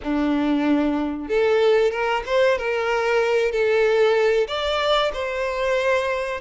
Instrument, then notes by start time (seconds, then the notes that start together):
violin
0.02 D4
1.28 A4
1.91 A#4
2.26 C5
2.57 A#4
3.51 A4
4.47 D5
5.13 C5